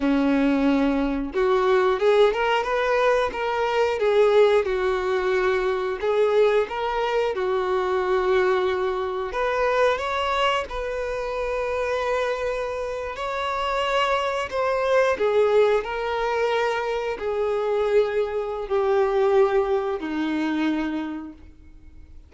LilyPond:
\new Staff \with { instrumentName = "violin" } { \time 4/4 \tempo 4 = 90 cis'2 fis'4 gis'8 ais'8 | b'4 ais'4 gis'4 fis'4~ | fis'4 gis'4 ais'4 fis'4~ | fis'2 b'4 cis''4 |
b'2.~ b'8. cis''16~ | cis''4.~ cis''16 c''4 gis'4 ais'16~ | ais'4.~ ais'16 gis'2~ gis'16 | g'2 dis'2 | }